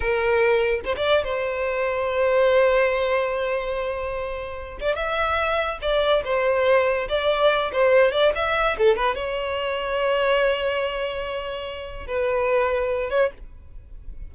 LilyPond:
\new Staff \with { instrumentName = "violin" } { \time 4/4 \tempo 4 = 144 ais'2 c''16 d''8. c''4~ | c''1~ | c''2.~ c''8 d''8 | e''2 d''4 c''4~ |
c''4 d''4. c''4 d''8 | e''4 a'8 b'8 cis''2~ | cis''1~ | cis''4 b'2~ b'8 cis''8 | }